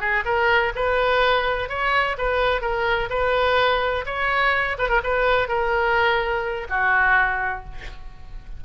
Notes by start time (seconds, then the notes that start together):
0.00 G#4
0.25 A#4
0.75 B4
1.69 C#5
2.18 B4
2.61 A#4
3.10 B4
4.06 C#5
4.78 B4
4.89 A#4
5.04 B4
5.48 A#4
6.69 F#4